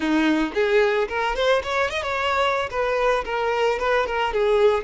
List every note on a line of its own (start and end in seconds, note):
0.00 0.52 D#4
0.54 1.08 G#4
1.08 1.35 A#4
1.35 1.62 C5
1.63 1.90 C#5
1.90 2.02 D#5
2.02 2.69 C#5
2.70 3.24 B4
3.25 3.79 A#4
3.79 4.06 B4
4.06 4.33 A#4
4.33 4.83 G#4